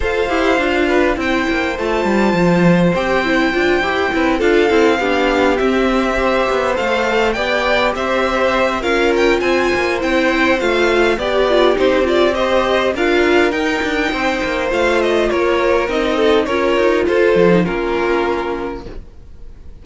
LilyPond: <<
  \new Staff \with { instrumentName = "violin" } { \time 4/4 \tempo 4 = 102 f''2 g''4 a''4~ | a''4 g''2~ g''8 f''8~ | f''4. e''2 f''8~ | f''8 g''4 e''4. f''8 g''8 |
gis''4 g''4 f''4 d''4 | c''8 d''8 dis''4 f''4 g''4~ | g''4 f''8 dis''8 cis''4 dis''4 | cis''4 c''4 ais'2 | }
  \new Staff \with { instrumentName = "violin" } { \time 4/4 c''4. b'8 c''2~ | c''2. b'8 a'8~ | a'8 g'2 c''4.~ | c''8 d''4 c''4. ais'4 |
c''2. g'4~ | g'4 c''4 ais'2 | c''2 ais'4. a'8 | ais'4 a'4 f'2 | }
  \new Staff \with { instrumentName = "viola" } { \time 4/4 a'8 g'8 f'4 e'4 f'4~ | f'4 g'8 e'8 f'8 g'8 e'8 f'8 | e'8 d'4 c'4 g'4 a'8~ | a'8 g'2~ g'8 f'4~ |
f'4 e'4 f'4 g'8 f'8 | dis'8 f'8 g'4 f'4 dis'4~ | dis'4 f'2 dis'4 | f'4.~ f'16 dis'16 cis'2 | }
  \new Staff \with { instrumentName = "cello" } { \time 4/4 f'8 e'8 d'4 c'8 ais8 a8 g8 | f4 c'4 d'8 e'8 c'8 d'8 | c'8 b4 c'4. b8 a8~ | a8 b4 c'4. cis'4 |
c'8 ais8 c'4 a4 b4 | c'2 d'4 dis'8 d'8 | c'8 ais8 a4 ais4 c'4 | cis'8 dis'8 f'8 f8 ais2 | }
>>